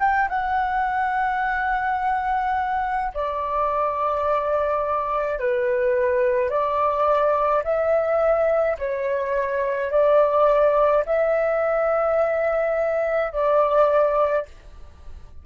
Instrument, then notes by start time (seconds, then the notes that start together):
flute
0.00 G5
0.29 F#5
3.14 D5
5.39 B4
6.50 D5
7.64 E5
8.79 C#5
9.92 D5
11.06 E5
13.32 D5